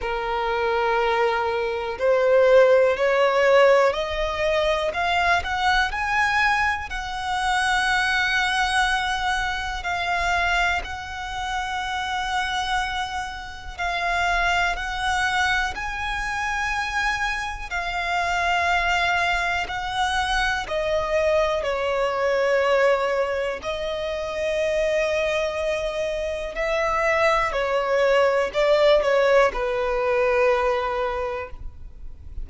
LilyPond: \new Staff \with { instrumentName = "violin" } { \time 4/4 \tempo 4 = 61 ais'2 c''4 cis''4 | dis''4 f''8 fis''8 gis''4 fis''4~ | fis''2 f''4 fis''4~ | fis''2 f''4 fis''4 |
gis''2 f''2 | fis''4 dis''4 cis''2 | dis''2. e''4 | cis''4 d''8 cis''8 b'2 | }